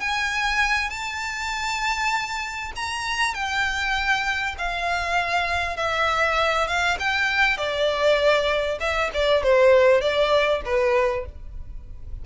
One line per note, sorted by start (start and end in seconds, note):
0.00 0.90 G#5
0.90 2.72 A5
2.76 3.34 A#5
3.34 4.56 G5
4.58 5.77 F5
5.77 6.67 E5
6.67 6.98 F5
6.99 7.58 G5
7.58 8.79 D5
8.80 9.11 E5
9.14 9.43 D5
9.43 10.01 C5
10.01 10.61 D5
10.65 11.26 B4